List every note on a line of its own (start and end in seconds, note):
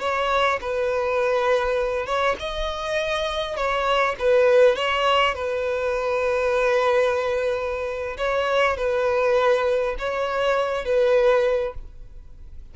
0.00 0.59 C#5
0.61 2.06 B4
2.06 2.36 C#5
2.40 3.56 D#5
3.56 4.16 C#5
4.19 4.76 B4
4.76 5.35 C#5
5.35 8.17 B4
8.18 8.77 C#5
8.77 9.96 B4
9.99 10.86 C#5
10.86 11.75 B4